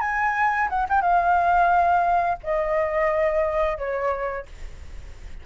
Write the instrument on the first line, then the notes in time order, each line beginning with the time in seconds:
flute
0.00 G#5
0.69 F#5
0.89 G5
1.01 F5
2.43 D#5
3.77 C#5